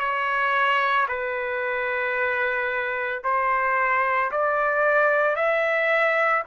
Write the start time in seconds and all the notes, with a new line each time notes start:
0.00 C#5
1.09 B4
3.24 C5
4.31 D5
5.36 E5